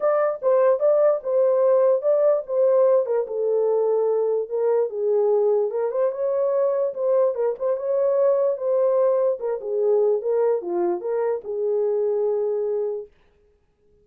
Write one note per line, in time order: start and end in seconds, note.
0.00 0.40 D5
0.42 0.79 C5
0.79 1.20 D5
1.23 2.01 C5
2.01 2.42 D5
2.46 3.05 C5
3.05 3.26 A#4
3.27 4.49 A4
4.49 4.89 A#4
4.89 5.71 G#4
5.71 5.91 A#4
5.91 6.11 C5
6.11 6.93 C#5
6.94 7.35 C5
7.35 7.55 A#4
7.58 7.76 C5
7.76 8.57 C#5
8.57 9.38 C5
9.39 9.60 A#4
9.60 10.21 G#4
10.21 10.61 A#4
10.61 11.00 F4
11.00 11.41 A#4
11.44 13.07 G#4